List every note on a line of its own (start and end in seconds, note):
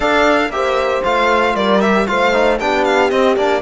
0.00 0.49 D4
0.00 0.50 A4
0.00 0.48 D5
0.00 0.51 F5
0.49 1.00 A#3
0.49 1.04 G4
0.49 1.55 C5
0.49 1.03 E5
1.03 1.54 A3
1.03 1.81 F4
1.03 1.55 F5
1.54 2.06 G3
1.54 2.07 A#4
1.54 1.80 D5
1.80 2.07 G4
1.80 2.06 E5
2.06 2.60 A3
2.06 2.33 F4
2.06 2.60 C5
2.06 2.58 F5
2.33 2.59 D#4
2.59 3.11 B3
2.59 3.11 D4
2.59 3.61 G4
2.59 2.84 G5
2.84 3.10 F5
3.10 3.36 C4
3.10 3.35 D#5
3.36 3.61 A#3
3.36 3.61 D4
3.36 3.61 D5